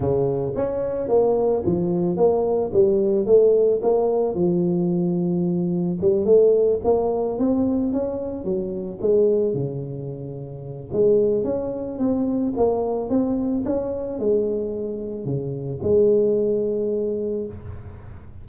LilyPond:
\new Staff \with { instrumentName = "tuba" } { \time 4/4 \tempo 4 = 110 cis4 cis'4 ais4 f4 | ais4 g4 a4 ais4 | f2. g8 a8~ | a8 ais4 c'4 cis'4 fis8~ |
fis8 gis4 cis2~ cis8 | gis4 cis'4 c'4 ais4 | c'4 cis'4 gis2 | cis4 gis2. | }